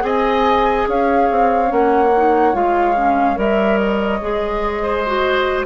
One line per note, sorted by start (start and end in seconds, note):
0.00 0.86 C4
0.00 1.66 G#4
0.00 0.88 D#5
0.00 0.88 G#5
0.88 1.29 C#4
0.88 4.82 C#5
0.88 1.72 F5
1.30 1.71 C4
1.66 2.54 A#3
1.66 2.08 C#4
1.66 2.55 F#5
2.16 2.52 D#4
2.52 3.37 G#3
2.52 2.94 F4
2.52 3.38 F5
2.95 3.35 C#4
3.35 4.20 G3
3.35 4.19 A#4
3.35 3.77 E5
3.77 5.65 D#5
4.21 5.66 G#3
4.21 5.05 G#4
4.82 5.65 C5
5.06 5.66 F#4